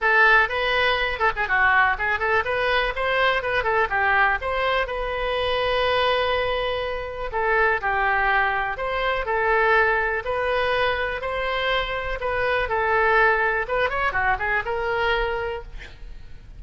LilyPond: \new Staff \with { instrumentName = "oboe" } { \time 4/4 \tempo 4 = 123 a'4 b'4. a'16 gis'16 fis'4 | gis'8 a'8 b'4 c''4 b'8 a'8 | g'4 c''4 b'2~ | b'2. a'4 |
g'2 c''4 a'4~ | a'4 b'2 c''4~ | c''4 b'4 a'2 | b'8 cis''8 fis'8 gis'8 ais'2 | }